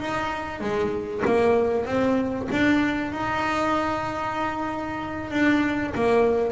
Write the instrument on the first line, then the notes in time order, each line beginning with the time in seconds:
double bass
0.00 D#4
0.60 G#3
1.25 A#3
1.86 C4
2.51 D4
3.12 D#4
5.31 D4
5.95 A#3